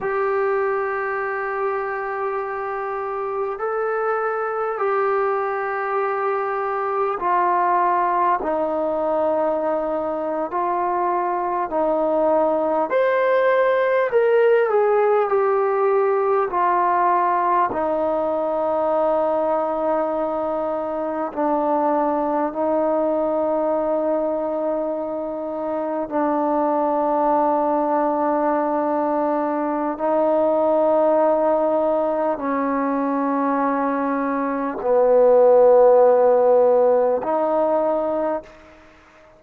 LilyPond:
\new Staff \with { instrumentName = "trombone" } { \time 4/4 \tempo 4 = 50 g'2. a'4 | g'2 f'4 dis'4~ | dis'8. f'4 dis'4 c''4 ais'16~ | ais'16 gis'8 g'4 f'4 dis'4~ dis'16~ |
dis'4.~ dis'16 d'4 dis'4~ dis'16~ | dis'4.~ dis'16 d'2~ d'16~ | d'4 dis'2 cis'4~ | cis'4 b2 dis'4 | }